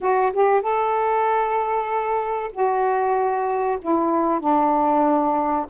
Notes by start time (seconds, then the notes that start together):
0.01 F#4
0.32 G4
0.61 A4
2.52 F#4
3.81 E4
4.40 D4